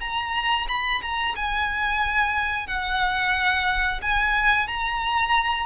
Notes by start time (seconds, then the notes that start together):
0.00 A#5
0.68 B5
1.02 A#5
1.36 G#5
2.67 F#5
4.02 G#5
4.67 A#5